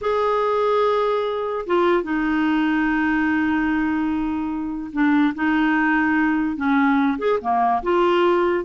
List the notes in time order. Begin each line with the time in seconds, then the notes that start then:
0.01 G#4
1.66 F4
2.03 D#4
4.92 D4
5.34 D#4
6.56 C#4
7.18 G#4
7.41 A#3
7.83 F4